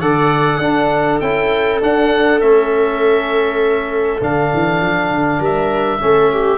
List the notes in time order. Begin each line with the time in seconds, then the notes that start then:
0.00 D3 A4 D5 F#5
0.58 D4 A4
1.20 C#4 E4 G5
1.80 D4 F#5
2.40 A3 C#4 E5
4.21 D3 D4 F5
4.53 E3
4.81 F3
5.10 D3
5.39 G3 A#4 E5
5.99 A3 C#4 A4
6.32 G4